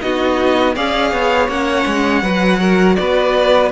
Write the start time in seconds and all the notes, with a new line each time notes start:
0.00 B3 D#4 F#4 D#5
0.75 C#4 G#4 D5 F5
1.12 B3 C#5
1.48 A#3 C#4 F#5
1.86 G#3
2.23 F#3 F#4 B4
2.61 A#4
2.96 B3 B4 D5